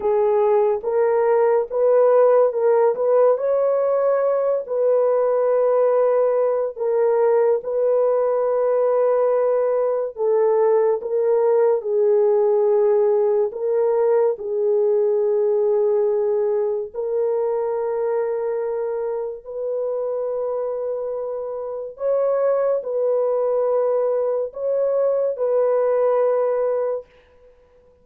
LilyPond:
\new Staff \with { instrumentName = "horn" } { \time 4/4 \tempo 4 = 71 gis'4 ais'4 b'4 ais'8 b'8 | cis''4. b'2~ b'8 | ais'4 b'2. | a'4 ais'4 gis'2 |
ais'4 gis'2. | ais'2. b'4~ | b'2 cis''4 b'4~ | b'4 cis''4 b'2 | }